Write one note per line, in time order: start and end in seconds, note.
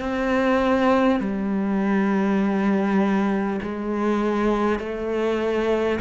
0.00 1.20 C4
1.21 3.61 G3
3.62 4.79 G#3
4.79 5.99 A3